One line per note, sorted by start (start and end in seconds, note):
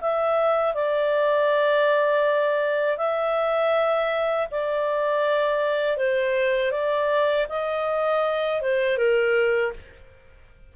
0.00 0.74 E5
0.74 2.97 D5
2.97 4.47 E5
4.50 5.97 D5
5.97 6.71 C5
6.71 7.46 D5
7.49 8.61 D#5
8.61 8.97 C5
8.97 9.72 A#4